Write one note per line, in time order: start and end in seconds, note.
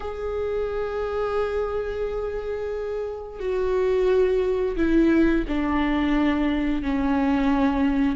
0.00 3.39 G#4
3.39 4.76 F#4
4.76 5.44 E4
5.48 6.82 D4
6.82 8.16 C#4